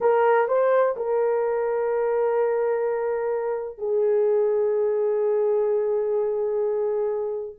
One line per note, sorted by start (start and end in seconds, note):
0.00 0.47 A#4
0.47 0.95 C5
0.96 3.78 A#4
3.78 7.55 G#4